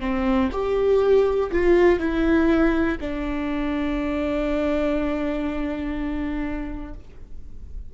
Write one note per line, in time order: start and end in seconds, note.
0.00 0.49 C4
0.52 1.51 G4
1.52 1.99 F4
1.99 2.98 E4
3.01 6.94 D4